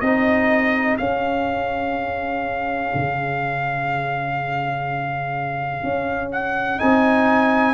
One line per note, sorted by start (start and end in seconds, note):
0.00 0.98 C4
0.00 0.99 D#4
0.00 7.74 G#4
0.00 0.97 D#5
0.98 6.78 C#4
0.98 2.93 C#4
0.98 6.30 F5
2.94 5.83 C#3
5.83 6.80 C#4
6.32 6.79 F#5
6.78 7.74 C4
6.78 7.74 D#4
6.78 7.74 G#5